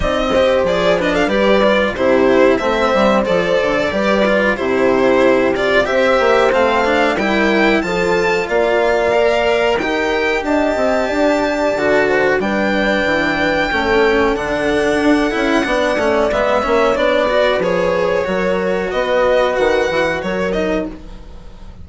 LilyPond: <<
  \new Staff \with { instrumentName = "violin" } { \time 4/4 \tempo 4 = 92 dis''4 d''8 dis''16 f''16 d''4 c''4 | e''4 d''2 c''4~ | c''8 d''8 e''4 f''4 g''4 | a''4 f''2 g''4 |
a''2. g''4~ | g''2 fis''2~ | fis''4 e''4 d''4 cis''4~ | cis''4 dis''4 fis''4 cis''8 dis''8 | }
  \new Staff \with { instrumentName = "horn" } { \time 4/4 d''8 c''4 b'16 a'16 b'4 g'4 | c''2 b'4 g'4~ | g'4 c''2 ais'4 | a'4 d''2 ais'4 |
dis''4 d''4. c''8 b'4~ | b'4 a'2. | d''4. cis''4 b'4. | ais'4 b'2 ais'4 | }
  \new Staff \with { instrumentName = "cello" } { \time 4/4 dis'8 g'8 gis'8 d'8 g'8 f'8 e'4 | c'4 a'4 g'8 f'8 e'4~ | e'8 f'8 g'4 c'8 d'8 e'4 | f'2 ais'4 g'4~ |
g'2 fis'4 d'4~ | d'4 cis'4 d'4. e'8 | d'8 cis'8 b8 cis'8 d'8 fis'8 gis'4 | fis'2.~ fis'8 dis'8 | }
  \new Staff \with { instrumentName = "bassoon" } { \time 4/4 c'4 f4 g4 c4 | a8 g8 f8 d8 g4 c4~ | c4 c'8 ais8 a4 g4 | f4 ais2 dis'4 |
d'8 c'8 d'4 d4 g4 | e4 a4 d4 d'8 cis'8 | b8 a8 gis8 ais8 b4 f4 | fis4 b4 dis8 e8 fis4 | }
>>